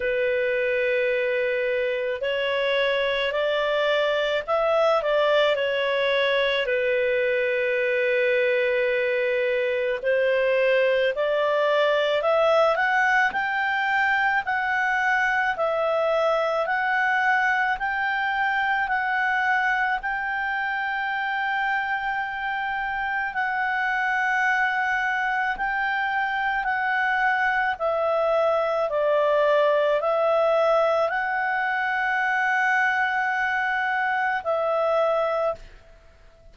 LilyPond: \new Staff \with { instrumentName = "clarinet" } { \time 4/4 \tempo 4 = 54 b'2 cis''4 d''4 | e''8 d''8 cis''4 b'2~ | b'4 c''4 d''4 e''8 fis''8 | g''4 fis''4 e''4 fis''4 |
g''4 fis''4 g''2~ | g''4 fis''2 g''4 | fis''4 e''4 d''4 e''4 | fis''2. e''4 | }